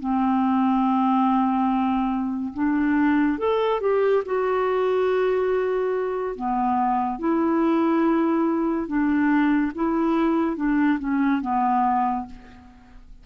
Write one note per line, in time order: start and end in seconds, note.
0.00 2.54 C4
2.54 3.38 D4
3.38 3.81 A4
3.81 4.23 G4
4.26 6.36 F#4
6.36 7.19 B3
7.19 8.87 E4
8.87 9.72 D4
9.75 10.56 E4
10.56 10.99 D4
10.99 11.41 C#4
11.42 12.26 B3